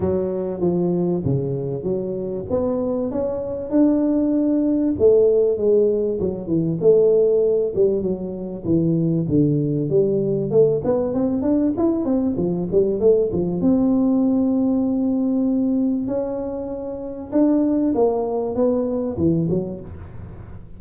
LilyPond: \new Staff \with { instrumentName = "tuba" } { \time 4/4 \tempo 4 = 97 fis4 f4 cis4 fis4 | b4 cis'4 d'2 | a4 gis4 fis8 e8 a4~ | a8 g8 fis4 e4 d4 |
g4 a8 b8 c'8 d'8 e'8 c'8 | f8 g8 a8 f8 c'2~ | c'2 cis'2 | d'4 ais4 b4 e8 fis8 | }